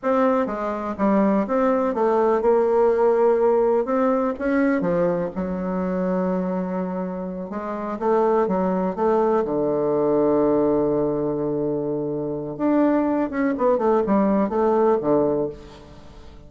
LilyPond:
\new Staff \with { instrumentName = "bassoon" } { \time 4/4 \tempo 4 = 124 c'4 gis4 g4 c'4 | a4 ais2. | c'4 cis'4 f4 fis4~ | fis2.~ fis8 gis8~ |
gis8 a4 fis4 a4 d8~ | d1~ | d2 d'4. cis'8 | b8 a8 g4 a4 d4 | }